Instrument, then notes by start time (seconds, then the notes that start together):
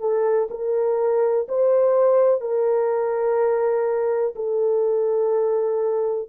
horn
0.00 A4
0.50 A#4
1.48 C5
2.41 A#4
4.36 A4